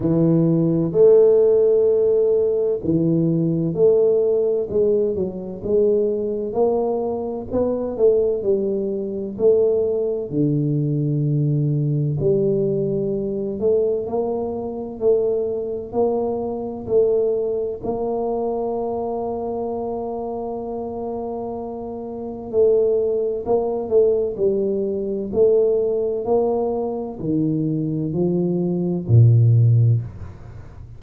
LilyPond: \new Staff \with { instrumentName = "tuba" } { \time 4/4 \tempo 4 = 64 e4 a2 e4 | a4 gis8 fis8 gis4 ais4 | b8 a8 g4 a4 d4~ | d4 g4. a8 ais4 |
a4 ais4 a4 ais4~ | ais1 | a4 ais8 a8 g4 a4 | ais4 dis4 f4 ais,4 | }